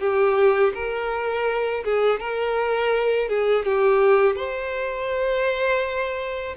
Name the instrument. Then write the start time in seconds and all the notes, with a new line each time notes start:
violin
0.00 G4
0.74 A#4
1.85 G#4
2.20 A#4
3.29 G#4
3.65 G4
4.36 C5